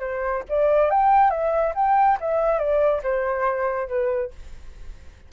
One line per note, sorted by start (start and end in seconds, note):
0.00 0.43 C5
0.49 0.90 D5
0.90 1.31 G5
1.31 1.73 E5
1.75 2.18 G5
2.20 2.59 E5
2.59 3.02 D5
3.03 3.88 C5
3.88 4.31 B4